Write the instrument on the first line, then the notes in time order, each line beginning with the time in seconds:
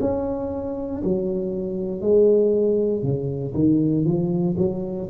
tuba
0.00 C#4
1.04 F#3
2.01 G#3
3.02 C#3
3.54 D#3
4.05 F3
4.57 F#3